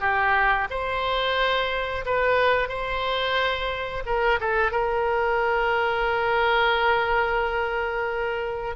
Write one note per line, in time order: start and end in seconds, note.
0.00 0.67 G4
0.70 2.05 C5
2.05 2.68 B4
2.68 4.03 C5
4.05 4.39 A#4
4.40 4.71 A4
4.71 8.75 A#4